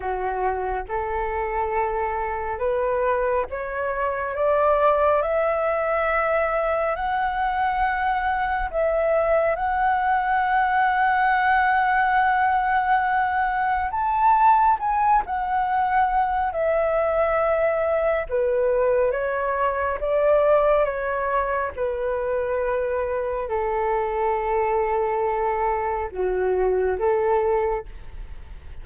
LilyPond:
\new Staff \with { instrumentName = "flute" } { \time 4/4 \tempo 4 = 69 fis'4 a'2 b'4 | cis''4 d''4 e''2 | fis''2 e''4 fis''4~ | fis''1 |
a''4 gis''8 fis''4. e''4~ | e''4 b'4 cis''4 d''4 | cis''4 b'2 a'4~ | a'2 fis'4 a'4 | }